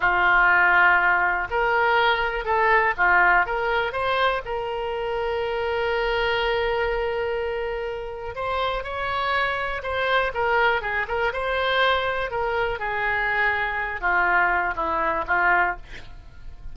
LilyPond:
\new Staff \with { instrumentName = "oboe" } { \time 4/4 \tempo 4 = 122 f'2. ais'4~ | ais'4 a'4 f'4 ais'4 | c''4 ais'2.~ | ais'1~ |
ais'4 c''4 cis''2 | c''4 ais'4 gis'8 ais'8 c''4~ | c''4 ais'4 gis'2~ | gis'8 f'4. e'4 f'4 | }